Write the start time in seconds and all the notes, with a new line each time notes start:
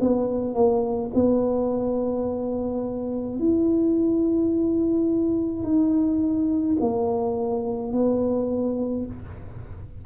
0.00 B3
0.54 A#3
1.14 B3
3.39 E4
5.63 D#4
6.80 A#3
7.92 B3